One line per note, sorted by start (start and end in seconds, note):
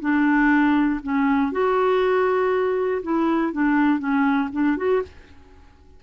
0.00 1.00 D4
1.03 1.51 C#4
1.51 3.01 F#4
3.02 3.52 E4
3.52 3.99 D4
3.99 4.49 C#4
4.52 4.77 D4
4.77 5.02 F#4